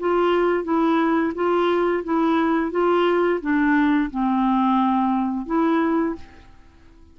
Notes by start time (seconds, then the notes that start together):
0.00 F4
0.64 E4
1.35 F4
2.04 E4
2.71 F4
3.41 D4
4.11 C4
5.46 E4